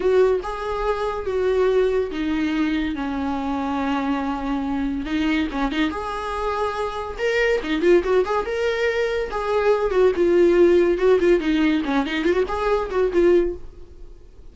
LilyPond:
\new Staff \with { instrumentName = "viola" } { \time 4/4 \tempo 4 = 142 fis'4 gis'2 fis'4~ | fis'4 dis'2 cis'4~ | cis'1 | dis'4 cis'8 dis'8 gis'2~ |
gis'4 ais'4 dis'8 f'8 fis'8 gis'8 | ais'2 gis'4. fis'8 | f'2 fis'8 f'8 dis'4 | cis'8 dis'8 f'16 fis'16 gis'4 fis'8 f'4 | }